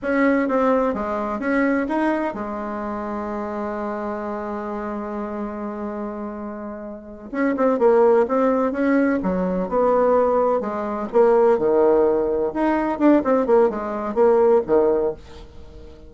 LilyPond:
\new Staff \with { instrumentName = "bassoon" } { \time 4/4 \tempo 4 = 127 cis'4 c'4 gis4 cis'4 | dis'4 gis2.~ | gis1~ | gis2.~ gis8 cis'8 |
c'8 ais4 c'4 cis'4 fis8~ | fis8 b2 gis4 ais8~ | ais8 dis2 dis'4 d'8 | c'8 ais8 gis4 ais4 dis4 | }